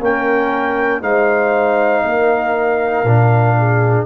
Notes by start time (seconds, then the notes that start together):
0.00 A#3 C#4 A#4 G5
1.02 G#3 D#4 C5 F5
2.04 A#3 A#4
3.04 A#2 D4
3.58 G#4